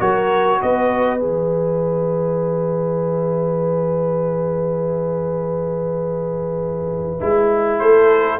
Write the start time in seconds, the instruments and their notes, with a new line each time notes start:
0.00 tuba F#3, trombone F#4, horn A#4, trumpet C#5
0.61 tuba B3, horn B4, trumpet D#5
1.19 tuba E3, trombone G#4, trumpet E5
7.21 tuba G#3, trombone E4
7.79 tuba A3, horn A4, trumpet C5